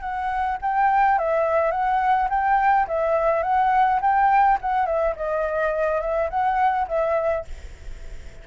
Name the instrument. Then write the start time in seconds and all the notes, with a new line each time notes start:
flute
0.00 F#5
0.61 G5
1.18 E5
1.71 F#5
2.29 G5
2.88 E5
3.43 F#5
4.01 G5
4.61 F#5
4.86 E5
5.16 D#5
6.01 E5
6.30 F#5
6.88 E5